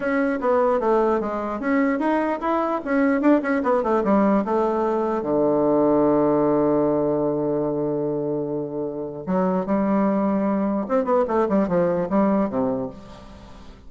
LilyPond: \new Staff \with { instrumentName = "bassoon" } { \time 4/4 \tempo 4 = 149 cis'4 b4 a4 gis4 | cis'4 dis'4 e'4 cis'4 | d'8 cis'8 b8 a8 g4 a4~ | a4 d2.~ |
d1~ | d2. fis4 | g2. c'8 b8 | a8 g8 f4 g4 c4 | }